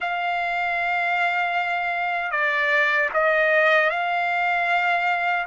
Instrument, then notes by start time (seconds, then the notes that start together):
trumpet
0.00 F5
2.31 D5
3.13 D#5
3.90 F5